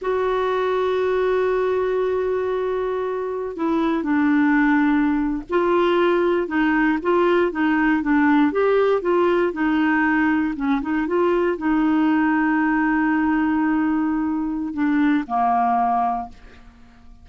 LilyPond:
\new Staff \with { instrumentName = "clarinet" } { \time 4/4 \tempo 4 = 118 fis'1~ | fis'2. e'4 | d'2~ d'8. f'4~ f'16~ | f'8. dis'4 f'4 dis'4 d'16~ |
d'8. g'4 f'4 dis'4~ dis'16~ | dis'8. cis'8 dis'8 f'4 dis'4~ dis'16~ | dis'1~ | dis'4 d'4 ais2 | }